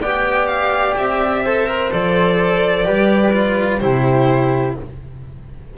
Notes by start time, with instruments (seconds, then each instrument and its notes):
0.00 double bass B3, cello G4, flute D5, violin G5
0.47 violin F5
0.96 double bass C4, violin E5
1.44 cello A4, flute C5
1.67 cello A#4
1.91 double bass F3, cello A4, violin D5
2.84 double bass G3, cello G4, flute B4
3.33 cello F4
3.79 double bass C3, cello E4, flute G4, violin C5